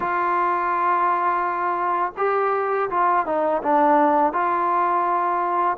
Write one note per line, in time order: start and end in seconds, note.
0.00 2.12 F4
2.17 2.89 G4
2.90 3.26 F4
3.26 3.62 D#4
3.62 4.32 D4
4.32 5.77 F4